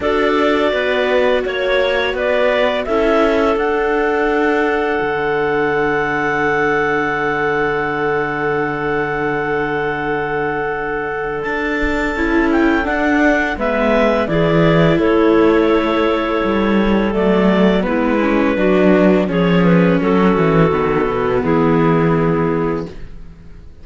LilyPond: <<
  \new Staff \with { instrumentName = "clarinet" } { \time 4/4 \tempo 4 = 84 d''2 cis''4 d''4 | e''4 fis''2.~ | fis''1~ | fis''1 |
a''4. g''8 fis''4 e''4 | d''4 cis''2. | d''4 b'2 cis''8 b'8 | a'2 gis'2 | }
  \new Staff \with { instrumentName = "clarinet" } { \time 4/4 a'4 b'4 cis''4 b'4 | a'1~ | a'1~ | a'1~ |
a'2. b'4 | gis'4 a'2.~ | a'4 e'4 fis'4 gis'4 | fis'2 e'2 | }
  \new Staff \with { instrumentName = "viola" } { \time 4/4 fis'1 | e'4 d'2.~ | d'1~ | d'1~ |
d'4 e'4 d'4 b4 | e'1 | a4 b8 cis'8 d'4 cis'4~ | cis'4 b2. | }
  \new Staff \with { instrumentName = "cello" } { \time 4/4 d'4 b4 ais4 b4 | cis'4 d'2 d4~ | d1~ | d1 |
d'4 cis'4 d'4 gis4 | e4 a2 g4 | fis4 gis4 fis4 f4 | fis8 e8 dis8 b,8 e2 | }
>>